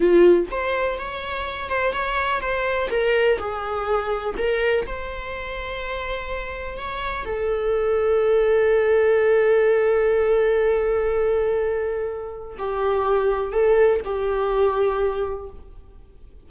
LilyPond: \new Staff \with { instrumentName = "viola" } { \time 4/4 \tempo 4 = 124 f'4 c''4 cis''4. c''8 | cis''4 c''4 ais'4 gis'4~ | gis'4 ais'4 c''2~ | c''2 cis''4 a'4~ |
a'1~ | a'1~ | a'2 g'2 | a'4 g'2. | }